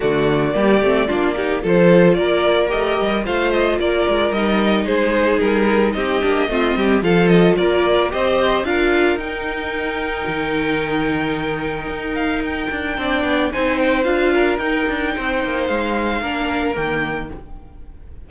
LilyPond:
<<
  \new Staff \with { instrumentName = "violin" } { \time 4/4 \tempo 4 = 111 d''2. c''4 | d''4 dis''4 f''8 dis''8 d''4 | dis''4 c''4 ais'4 dis''4~ | dis''4 f''8 dis''8 d''4 dis''4 |
f''4 g''2.~ | g''2~ g''8 f''8 g''4~ | g''4 gis''8 g''8 f''4 g''4~ | g''4 f''2 g''4 | }
  \new Staff \with { instrumentName = "violin" } { \time 4/4 fis'4 g'4 f'8 g'8 a'4 | ais'2 c''4 ais'4~ | ais'4 gis'2 g'4 | f'8 g'8 a'4 ais'4 c''4 |
ais'1~ | ais'1 | d''4 c''4. ais'4. | c''2 ais'2 | }
  \new Staff \with { instrumentName = "viola" } { \time 4/4 a4 ais8 c'8 d'8 dis'8 f'4~ | f'4 g'4 f'2 | dis'2.~ dis'8 d'8 | c'4 f'2 g'4 |
f'4 dis'2.~ | dis'1 | d'4 dis'4 f'4 dis'4~ | dis'2 d'4 ais4 | }
  \new Staff \with { instrumentName = "cello" } { \time 4/4 d4 g8 a8 ais4 f4 | ais4 a8 g8 a4 ais8 gis8 | g4 gis4 g4 c'8 ais8 | a8 g8 f4 ais4 c'4 |
d'4 dis'2 dis4~ | dis2 dis'4. d'8 | c'8 b8 c'4 d'4 dis'8 d'8 | c'8 ais8 gis4 ais4 dis4 | }
>>